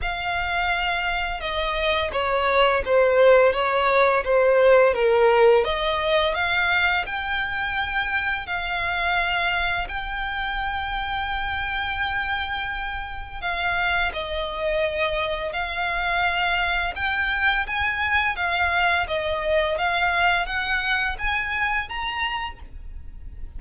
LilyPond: \new Staff \with { instrumentName = "violin" } { \time 4/4 \tempo 4 = 85 f''2 dis''4 cis''4 | c''4 cis''4 c''4 ais'4 | dis''4 f''4 g''2 | f''2 g''2~ |
g''2. f''4 | dis''2 f''2 | g''4 gis''4 f''4 dis''4 | f''4 fis''4 gis''4 ais''4 | }